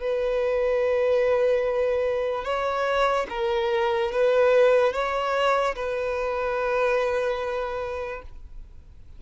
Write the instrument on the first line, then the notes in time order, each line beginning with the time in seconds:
violin
0.00 B4
2.45 C#5
3.30 A#4
4.12 B4
4.93 C#5
5.76 B4